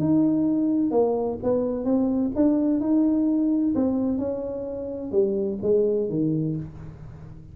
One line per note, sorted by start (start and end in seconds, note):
0.00 0.92 D#4
0.92 1.38 A#3
1.43 1.85 B3
1.85 2.32 C4
2.36 2.81 D4
2.81 3.75 D#4
3.75 4.19 C4
4.19 5.12 C#4
5.12 5.59 G3
5.63 6.10 G#3
6.10 6.57 D#3